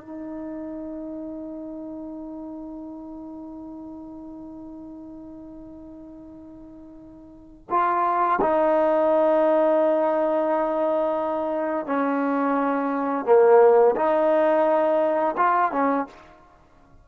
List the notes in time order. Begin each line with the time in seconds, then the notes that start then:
0.00 D#4
7.69 F4
8.40 D#4
11.86 C#4
13.25 A#3
13.95 D#4
15.37 F4
15.71 C#4